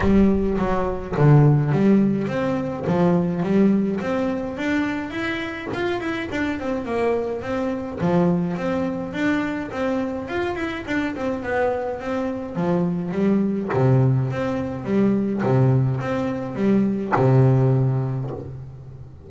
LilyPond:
\new Staff \with { instrumentName = "double bass" } { \time 4/4 \tempo 4 = 105 g4 fis4 d4 g4 | c'4 f4 g4 c'4 | d'4 e'4 f'8 e'8 d'8 c'8 | ais4 c'4 f4 c'4 |
d'4 c'4 f'8 e'8 d'8 c'8 | b4 c'4 f4 g4 | c4 c'4 g4 c4 | c'4 g4 c2 | }